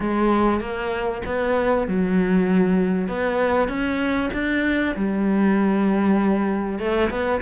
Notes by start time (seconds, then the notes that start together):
0.00 G#3
0.60 A#3
1.25 B3
1.87 F#3
3.08 B3
3.68 C#4
4.33 D4
4.95 G3
6.79 A3
7.10 B3